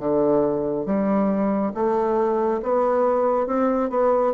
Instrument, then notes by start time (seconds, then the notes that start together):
bassoon
0.00 D3
0.86 G3
1.75 A3
2.63 B3
3.47 C4
3.91 B3